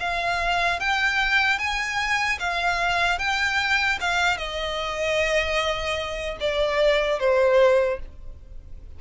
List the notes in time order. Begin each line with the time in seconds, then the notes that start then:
0.00 F5
0.80 G5
1.59 G#5
2.40 F5
3.19 G5
4.01 F5
4.38 D#5
6.40 D5
7.20 C5